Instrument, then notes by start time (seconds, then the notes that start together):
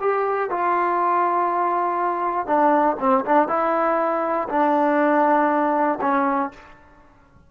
trombone
0.00 G4
0.50 F4
2.47 D4
2.99 C4
3.25 D4
3.48 E4
4.49 D4
6.00 C#4